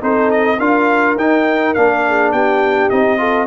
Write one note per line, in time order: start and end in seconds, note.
0.00 0.59 C4
0.00 0.58 D#4
0.00 0.57 A4
0.00 0.31 C5
0.31 0.59 D#5
0.57 1.16 D4
0.57 1.17 F4
0.57 2.02 A#4
0.57 1.17 F5
1.16 1.73 D#4
1.16 1.76 D#4
1.16 1.74 G5
1.74 2.33 A#3
1.74 2.91 D4
1.74 2.31 F5
2.07 2.33 G#4
2.32 2.90 B3
2.32 3.19 G4
2.32 2.89 G5
2.89 3.47 C4
2.89 3.18 D#4
2.89 3.47 D#5
3.18 3.47 F4
3.18 3.47 A4